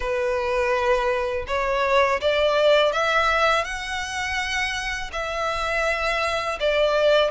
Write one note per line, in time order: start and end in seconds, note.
0.00 1.45 B4
1.47 2.20 C#5
2.21 2.92 D5
2.92 3.64 E5
3.64 5.11 F#5
5.12 6.58 E5
6.60 7.30 D5